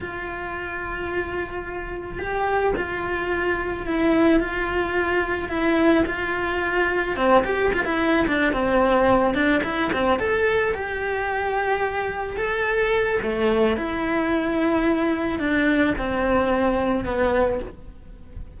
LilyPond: \new Staff \with { instrumentName = "cello" } { \time 4/4 \tempo 4 = 109 f'1 | g'4 f'2 e'4 | f'2 e'4 f'4~ | f'4 c'8 g'8 f'16 e'8. d'8 c'8~ |
c'4 d'8 e'8 c'8 a'4 g'8~ | g'2~ g'8 a'4. | a4 e'2. | d'4 c'2 b4 | }